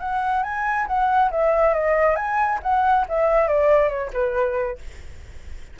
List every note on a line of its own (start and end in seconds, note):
0.00 0.43 F#5
0.44 0.87 G#5
0.88 1.31 F#5
1.32 1.75 E5
1.75 2.16 D#5
2.16 2.60 G#5
2.63 3.07 F#5
3.09 3.49 E5
3.49 3.89 D5
3.89 4.11 C#5
4.14 4.79 B4